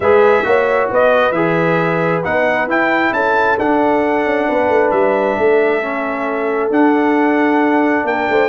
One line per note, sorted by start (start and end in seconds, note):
0.00 0.44 G#3
0.00 0.44 G#4
0.00 0.45 B4
0.00 0.90 E5
0.44 0.89 A#3
0.44 1.33 F#4
0.44 0.90 C#5
0.90 1.31 B3
0.90 3.14 B4
0.90 1.32 D#5
1.31 2.21 E3
1.31 2.24 G#4
1.31 2.21 E5
2.24 2.66 B3
2.24 2.68 D#4
2.24 2.68 F#5
2.66 3.11 E4
2.66 3.58 E4
2.66 3.13 G5
3.12 3.57 C#4
3.12 4.48 A4
3.12 3.57 A5
3.59 4.25 D4
3.59 5.82 D4
3.59 4.90 F#5
4.25 4.47 C#4
4.48 4.69 B3
4.48 5.37 B4
4.69 4.91 A3
4.90 5.36 G3
4.90 6.69 E5
5.38 6.70 A3
5.38 8.07 A4
5.82 6.71 C#4
6.70 8.04 D4
6.70 8.48 D4
6.70 8.06 F#5
8.04 8.26 A#3
8.04 8.30 A#4
8.04 8.48 G5
8.29 8.48 A3
8.29 8.48 C5